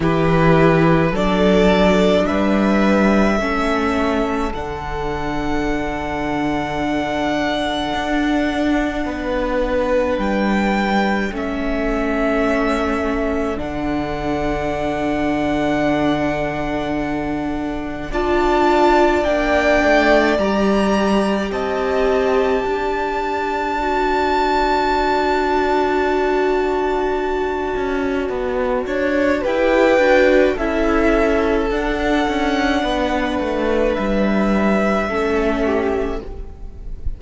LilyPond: <<
  \new Staff \with { instrumentName = "violin" } { \time 4/4 \tempo 4 = 53 b'4 d''4 e''2 | fis''1~ | fis''4 g''4 e''2 | fis''1 |
a''4 g''4 ais''4 a''4~ | a''1~ | a''2 g''4 e''4 | fis''2 e''2 | }
  \new Staff \with { instrumentName = "violin" } { \time 4/4 g'4 a'4 b'4 a'4~ | a'1 | b'2 a'2~ | a'1 |
d''2. dis''4 | d''1~ | d''4. cis''8 b'4 a'4~ | a'4 b'2 a'8 g'8 | }
  \new Staff \with { instrumentName = "viola" } { \time 4/4 e'4 d'2 cis'4 | d'1~ | d'2 cis'2 | d'1 |
f'4 d'4 g'2~ | g'4 fis'2.~ | fis'2 g'8 fis'8 e'4 | d'2. cis'4 | }
  \new Staff \with { instrumentName = "cello" } { \time 4/4 e4 fis4 g4 a4 | d2. d'4 | b4 g4 a2 | d1 |
d'4 ais8 a8 g4 c'4 | d'1~ | d'8 cis'8 b8 d'8 e'8 d'8 cis'4 | d'8 cis'8 b8 a8 g4 a4 | }
>>